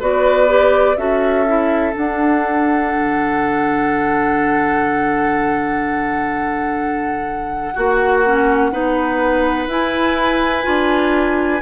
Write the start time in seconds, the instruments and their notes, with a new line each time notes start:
0.00 bassoon B3, clarinet F#4, oboe B4, flute D5
0.47 clarinet G4
0.97 bassoon C#4, clarinet F#4, oboe A4, flute E5
1.48 clarinet E4
1.93 clarinet D4, bassoon D4, flute F#5
2.94 bassoon D3
7.74 bassoon A#3, oboe F#4, clarinet F#4
8.25 clarinet C#4
8.72 bassoon B3, clarinet D#4, oboe B4
9.67 bassoon E4, clarinet E4, flute G#5
10.63 bassoon D4, clarinet F4